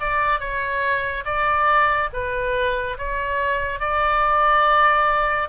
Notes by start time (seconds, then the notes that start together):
0.00 D5
0.40 C#5
1.25 D5
2.13 B4
2.98 C#5
3.80 D5